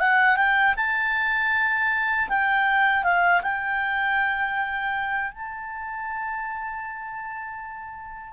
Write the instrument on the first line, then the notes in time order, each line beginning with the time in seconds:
clarinet
0.00 F#5
0.37 G5
0.77 A5
2.29 G5
3.04 F5
3.43 G5
5.32 A5